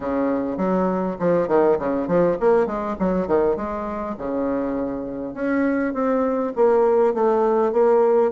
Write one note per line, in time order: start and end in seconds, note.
0.00 0.57 C#3
0.57 1.16 F#3
1.19 1.48 F3
1.48 1.77 D#3
1.78 2.07 C#3
2.07 2.37 F3
2.40 2.66 A#3
2.66 2.96 G#3
2.99 3.27 F#3
3.27 3.56 D#3
3.56 4.15 G#3
4.18 5.34 C#3
5.34 5.93 C#4
5.93 6.52 C4
6.55 7.14 A#3
7.14 7.72 A3
7.72 8.31 A#3